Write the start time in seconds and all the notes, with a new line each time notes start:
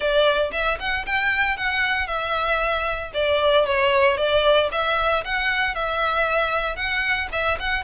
0.00 D5
0.52 E5
0.79 F#5
1.06 G5
1.57 F#5
2.07 E5
3.14 D5
3.66 C#5
4.17 D5
4.71 E5
5.24 F#5
5.74 E5
6.76 F#5
7.32 E5
7.59 F#5